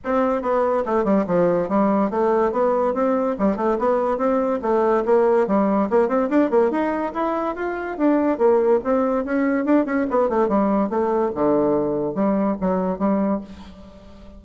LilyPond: \new Staff \with { instrumentName = "bassoon" } { \time 4/4 \tempo 4 = 143 c'4 b4 a8 g8 f4 | g4 a4 b4 c'4 | g8 a8 b4 c'4 a4 | ais4 g4 ais8 c'8 d'8 ais8 |
dis'4 e'4 f'4 d'4 | ais4 c'4 cis'4 d'8 cis'8 | b8 a8 g4 a4 d4~ | d4 g4 fis4 g4 | }